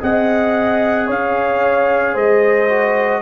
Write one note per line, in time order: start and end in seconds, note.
0.00 1.10 C4
0.00 2.68 G#4
0.00 1.07 D#5
0.00 1.10 F#5
1.07 2.15 C#4
1.07 2.14 C#5
1.07 2.17 F5
2.14 3.22 G#3
2.14 3.21 C5
2.14 3.22 D#5
2.69 3.22 F#4